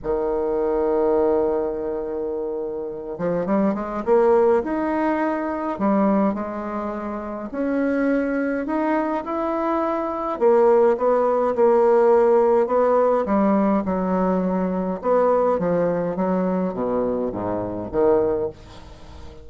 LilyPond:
\new Staff \with { instrumentName = "bassoon" } { \time 4/4 \tempo 4 = 104 dis1~ | dis4. f8 g8 gis8 ais4 | dis'2 g4 gis4~ | gis4 cis'2 dis'4 |
e'2 ais4 b4 | ais2 b4 g4 | fis2 b4 f4 | fis4 b,4 gis,4 dis4 | }